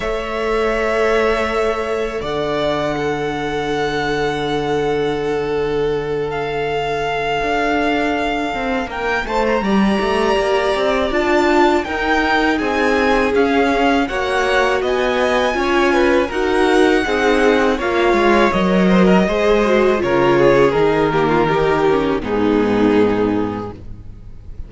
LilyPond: <<
  \new Staff \with { instrumentName = "violin" } { \time 4/4 \tempo 4 = 81 e''2. fis''4~ | fis''1~ | fis''8 f''2.~ f''8 | g''8 a''16 ais''2~ ais''16 a''4 |
g''4 gis''4 f''4 fis''4 | gis''2 fis''2 | f''4 dis''2 cis''4 | ais'2 gis'2 | }
  \new Staff \with { instrumentName = "violin" } { \time 4/4 cis''2. d''4 | a'1~ | a'1 | ais'8 c''8 d''2. |
ais'4 gis'2 cis''4 | dis''4 cis''8 b'8 ais'4 gis'4 | cis''4. c''16 ais'16 c''4 ais'8 gis'8~ | gis'8 g'16 f'16 g'4 dis'2 | }
  \new Staff \with { instrumentName = "viola" } { \time 4/4 a'1 | d'1~ | d'1~ | d'4 g'2 f'4 |
dis'2 cis'4 fis'4~ | fis'4 f'4 fis'4 dis'4 | f'4 ais'4 gis'8 fis'8 f'4 | dis'8 ais8 dis'8 cis'8 b2 | }
  \new Staff \with { instrumentName = "cello" } { \time 4/4 a2. d4~ | d1~ | d2 d'4. c'8 | ais8 a8 g8 a8 ais8 c'8 d'4 |
dis'4 c'4 cis'4 ais4 | b4 cis'4 dis'4 c'4 | ais8 gis8 fis4 gis4 cis4 | dis2 gis,2 | }
>>